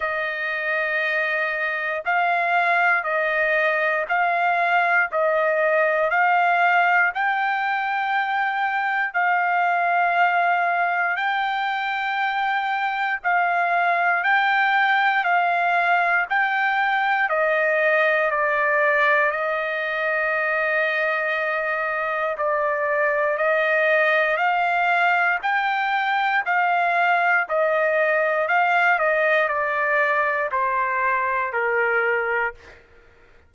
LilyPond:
\new Staff \with { instrumentName = "trumpet" } { \time 4/4 \tempo 4 = 59 dis''2 f''4 dis''4 | f''4 dis''4 f''4 g''4~ | g''4 f''2 g''4~ | g''4 f''4 g''4 f''4 |
g''4 dis''4 d''4 dis''4~ | dis''2 d''4 dis''4 | f''4 g''4 f''4 dis''4 | f''8 dis''8 d''4 c''4 ais'4 | }